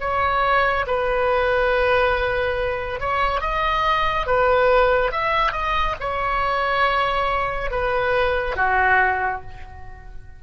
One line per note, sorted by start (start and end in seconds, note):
0.00 0.86 C#5
0.86 3.00 B4
3.00 3.41 C#5
3.41 4.27 D#5
4.27 5.12 B4
5.12 5.52 E5
5.52 5.95 D#5
6.00 7.71 C#5
7.71 8.56 B4
8.56 9.42 F#4